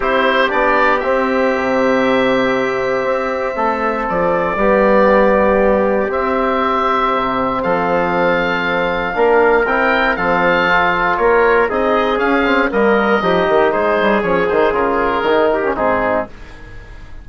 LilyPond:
<<
  \new Staff \with { instrumentName = "oboe" } { \time 4/4 \tempo 4 = 118 c''4 d''4 e''2~ | e''1 | d''1 | e''2. f''4~ |
f''2. g''4 | f''2 cis''4 dis''4 | f''4 dis''2 c''4 | cis''8 c''8 ais'2 gis'4 | }
  \new Staff \with { instrumentName = "trumpet" } { \time 4/4 g'1~ | g'2. a'4~ | a'4 g'2.~ | g'2. a'4~ |
a'2 ais'2 | a'2 ais'4 gis'4~ | gis'4 ais'4 g'4 gis'4~ | gis'2~ gis'8 g'8 dis'4 | }
  \new Staff \with { instrumentName = "trombone" } { \time 4/4 e'4 d'4 c'2~ | c'1~ | c'4 b2. | c'1~ |
c'2 d'4 e'4 | c'4 f'2 dis'4 | cis'8 c'8 ais4 dis'2 | cis'8 dis'8 f'4 dis'8. cis'16 c'4 | }
  \new Staff \with { instrumentName = "bassoon" } { \time 4/4 c'4 b4 c'4 c4~ | c2 c'4 a4 | f4 g2. | c'2 c4 f4~ |
f2 ais4 c'4 | f2 ais4 c'4 | cis'4 g4 f8 dis8 gis8 g8 | f8 dis8 cis4 dis4 gis,4 | }
>>